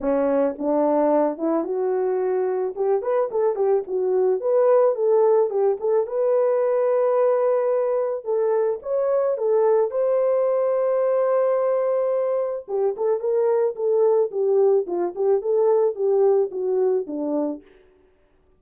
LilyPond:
\new Staff \with { instrumentName = "horn" } { \time 4/4 \tempo 4 = 109 cis'4 d'4. e'8 fis'4~ | fis'4 g'8 b'8 a'8 g'8 fis'4 | b'4 a'4 g'8 a'8 b'4~ | b'2. a'4 |
cis''4 a'4 c''2~ | c''2. g'8 a'8 | ais'4 a'4 g'4 f'8 g'8 | a'4 g'4 fis'4 d'4 | }